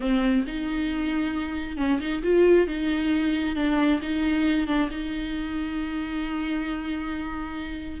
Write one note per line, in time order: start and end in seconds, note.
0.00 0.44 C4
0.46 1.77 D#4
1.77 1.99 C#4
2.00 2.22 D#4
2.22 2.67 F4
2.67 3.55 D#4
3.55 4.00 D4
4.02 4.67 D#4
4.67 4.89 D4
4.90 8.00 D#4